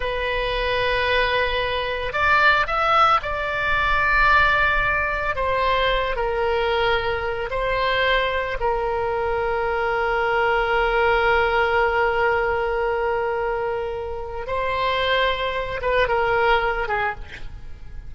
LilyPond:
\new Staff \with { instrumentName = "oboe" } { \time 4/4 \tempo 4 = 112 b'1 | d''4 e''4 d''2~ | d''2 c''4. ais'8~ | ais'2 c''2 |
ais'1~ | ais'1~ | ais'2. c''4~ | c''4. b'8 ais'4. gis'8 | }